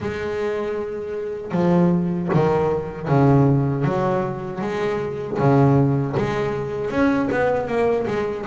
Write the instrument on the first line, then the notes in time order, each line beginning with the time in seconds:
double bass
0.00 G#3
1.51 F3
2.33 D#3
3.08 C#3
3.84 F#3
4.61 G#3
5.38 C#3
6.16 G#3
6.90 C#4
7.31 B3
7.67 A#3
8.07 G#3